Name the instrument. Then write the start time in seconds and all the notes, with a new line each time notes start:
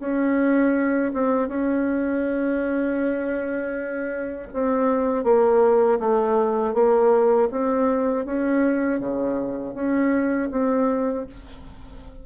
bassoon
0.00 C#4
1.14 C4
1.49 C#4
4.53 C4
5.24 A#3
6.00 A3
6.74 A#3
7.51 C4
8.26 C#4
9.00 C#3
9.75 C#4
10.51 C4